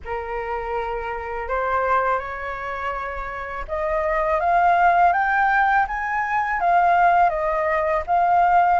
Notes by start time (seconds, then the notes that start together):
0.04 A#4
1.48 C5
2.19 C#5
3.68 D#5
4.39 F5
5.13 G5
5.87 G#5
6.60 F5
7.29 D#5
8.06 F5